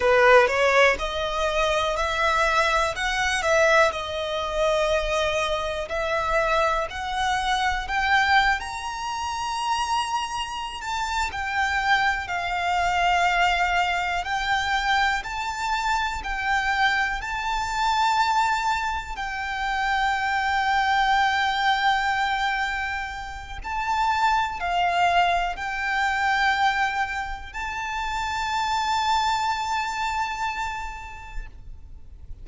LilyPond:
\new Staff \with { instrumentName = "violin" } { \time 4/4 \tempo 4 = 61 b'8 cis''8 dis''4 e''4 fis''8 e''8 | dis''2 e''4 fis''4 | g''8. ais''2~ ais''16 a''8 g''8~ | g''8 f''2 g''4 a''8~ |
a''8 g''4 a''2 g''8~ | g''1 | a''4 f''4 g''2 | a''1 | }